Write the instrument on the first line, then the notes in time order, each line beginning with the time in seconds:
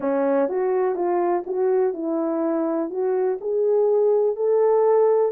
horn
0.00 C#4
0.48 F#4
0.95 F4
1.46 F#4
1.93 E4
2.90 F#4
3.40 G#4
4.35 A4